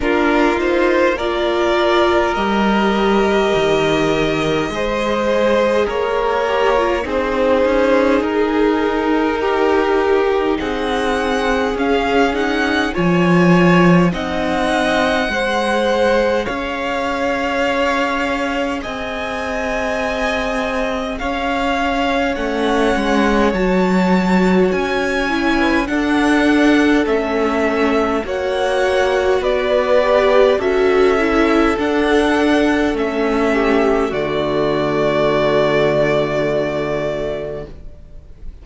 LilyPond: <<
  \new Staff \with { instrumentName = "violin" } { \time 4/4 \tempo 4 = 51 ais'8 c''8 d''4 dis''2~ | dis''4 cis''4 c''4 ais'4~ | ais'4 fis''4 f''8 fis''8 gis''4 | fis''2 f''2 |
gis''2 f''4 fis''4 | a''4 gis''4 fis''4 e''4 | fis''4 d''4 e''4 fis''4 | e''4 d''2. | }
  \new Staff \with { instrumentName = "violin" } { \time 4/4 f'4 ais'2. | c''4 ais'4 gis'2 | g'4 gis'2 cis''4 | dis''4 c''4 cis''2 |
dis''2 cis''2~ | cis''4.~ cis''16 b'16 a'2 | cis''4 b'4 a'2~ | a'8 g'8 fis'2. | }
  \new Staff \with { instrumentName = "viola" } { \time 4/4 d'8 dis'8 f'4 g'2 | gis'4. g'16 f'16 dis'2~ | dis'2 cis'8 dis'8 f'4 | dis'4 gis'2.~ |
gis'2. cis'4 | fis'4. e'8 d'4 cis'4 | fis'4. g'8 fis'8 e'8 d'4 | cis'4 a2. | }
  \new Staff \with { instrumentName = "cello" } { \time 4/4 ais2 g4 dis4 | gis4 ais4 c'8 cis'8 dis'4~ | dis'4 c'4 cis'4 f4 | c'4 gis4 cis'2 |
c'2 cis'4 a8 gis8 | fis4 cis'4 d'4 a4 | ais4 b4 cis'4 d'4 | a4 d2. | }
>>